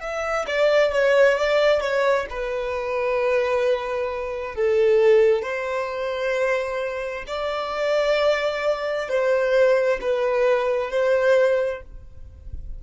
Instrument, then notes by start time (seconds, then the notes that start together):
violin
0.00 E5
0.47 D5
0.92 C#5
1.38 D5
1.80 C#5
2.29 B4
4.55 A4
5.42 C5
7.27 D5
9.08 C5
10.01 B4
10.90 C5